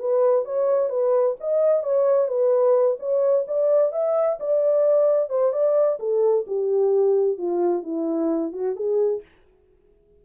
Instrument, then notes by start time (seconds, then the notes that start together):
horn
0.00 B4
0.46 C#5
0.90 B4
1.41 D#5
1.84 C#5
2.28 B4
3.00 C#5
3.48 D5
3.93 E5
4.40 D5
5.30 C5
5.53 D5
6.00 A4
6.48 G4
7.38 F4
7.84 E4
8.53 F#4
8.76 G#4